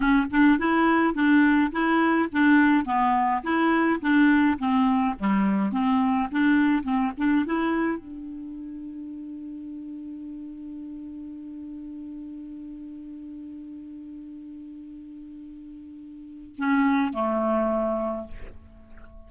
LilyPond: \new Staff \with { instrumentName = "clarinet" } { \time 4/4 \tempo 4 = 105 cis'8 d'8 e'4 d'4 e'4 | d'4 b4 e'4 d'4 | c'4 g4 c'4 d'4 | c'8 d'8 e'4 d'2~ |
d'1~ | d'1~ | d'1~ | d'4 cis'4 a2 | }